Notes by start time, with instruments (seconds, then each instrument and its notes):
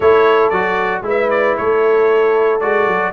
0.00 tuba A3, trombone E4, horn A4, trumpet C#5
0.49 tuba F#3, trombone F#4, trumpet D5
1.02 tuba G#3, trombone E4, horn B4
1.09 trumpet E5
1.29 trumpet D5
1.57 tuba A3, horn A4, trumpet C#5
2.60 tuba G#3, trombone F#4, trumpet D5
2.87 tuba F#3